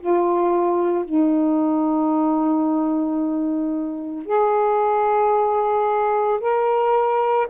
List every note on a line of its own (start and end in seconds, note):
0.00 1.05 F4
1.05 4.26 D#4
4.26 6.40 G#4
6.40 7.48 A#4